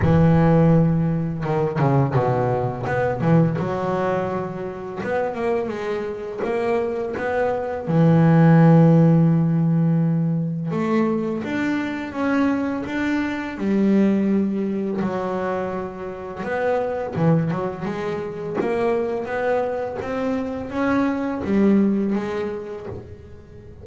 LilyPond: \new Staff \with { instrumentName = "double bass" } { \time 4/4 \tempo 4 = 84 e2 dis8 cis8 b,4 | b8 e8 fis2 b8 ais8 | gis4 ais4 b4 e4~ | e2. a4 |
d'4 cis'4 d'4 g4~ | g4 fis2 b4 | e8 fis8 gis4 ais4 b4 | c'4 cis'4 g4 gis4 | }